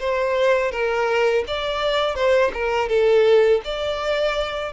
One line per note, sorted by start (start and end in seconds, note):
0.00 0.72 C5
0.72 1.44 A#4
1.48 2.16 D5
2.16 2.52 C5
2.54 2.89 A#4
2.89 3.61 A4
3.65 4.73 D5